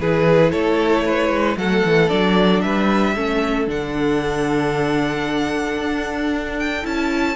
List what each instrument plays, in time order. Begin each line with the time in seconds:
0.00 cello E3, viola E4, violin G#4 B4
0.51 cello A3, violin A4 C#5
1.05 violin B4
1.29 cello G#3
1.57 cello F#3, viola A3, violin A4 F#5
1.85 cello E3
2.09 cello F#3, viola D4, violin D5
2.62 cello G3, violin B4 E5
3.15 cello A3, viola C#4, violin A4
3.67 cello D3, viola D4, violin F#5
5.78 cello D4
6.59 violin G5
6.83 cello C#4, viola E4, violin A5